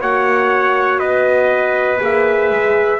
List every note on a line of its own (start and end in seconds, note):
0.00 0.99 A#3
0.00 1.99 F#4
0.00 0.99 C#5
0.00 0.99 F#5
0.99 1.99 B3
0.99 2.99 B4
0.99 1.99 D#5
1.99 2.50 A#3
1.99 2.99 G#4
1.99 3.00 E5
2.50 3.00 G#3